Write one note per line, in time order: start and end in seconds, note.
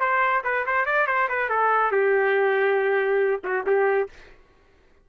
0.00 0.43 C5
0.44 0.65 B4
0.66 0.85 C5
0.85 1.07 D5
1.07 1.28 C5
1.29 1.49 B4
1.49 1.91 A4
1.91 3.41 G4
3.44 3.65 F#4
3.66 4.09 G4